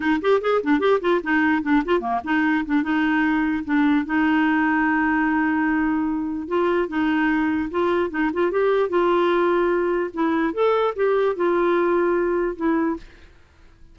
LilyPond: \new Staff \with { instrumentName = "clarinet" } { \time 4/4 \tempo 4 = 148 dis'8 g'8 gis'8 d'8 g'8 f'8 dis'4 | d'8 f'8 ais8 dis'4 d'8 dis'4~ | dis'4 d'4 dis'2~ | dis'1 |
f'4 dis'2 f'4 | dis'8 f'8 g'4 f'2~ | f'4 e'4 a'4 g'4 | f'2. e'4 | }